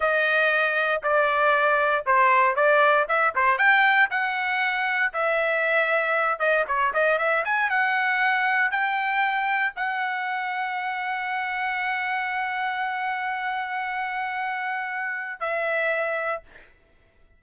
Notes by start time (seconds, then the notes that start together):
0.00 D#5
1.02 D5
2.06 C5
2.55 D5
3.08 E5
3.35 C5
3.58 G5
4.10 F#5
5.13 E5
6.39 D#5
6.67 C#5
6.93 D#5
7.18 E5
7.45 G#5
7.69 F#5
8.71 G5
9.76 F#5
15.40 E5